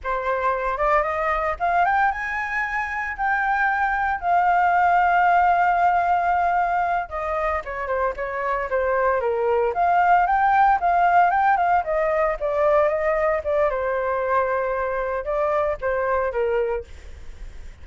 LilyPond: \new Staff \with { instrumentName = "flute" } { \time 4/4 \tempo 4 = 114 c''4. d''8 dis''4 f''8 g''8 | gis''2 g''2 | f''1~ | f''4. dis''4 cis''8 c''8 cis''8~ |
cis''8 c''4 ais'4 f''4 g''8~ | g''8 f''4 g''8 f''8 dis''4 d''8~ | d''8 dis''4 d''8 c''2~ | c''4 d''4 c''4 ais'4 | }